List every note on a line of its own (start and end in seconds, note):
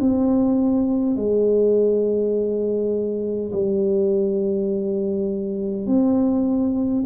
0.00 1.16 C4
1.16 3.51 G#3
3.52 5.87 G3
5.87 7.04 C4